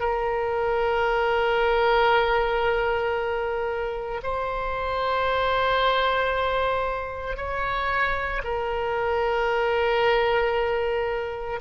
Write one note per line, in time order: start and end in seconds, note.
0.00 4.21 A#4
4.23 7.37 C5
7.37 8.42 C#5
8.44 11.60 A#4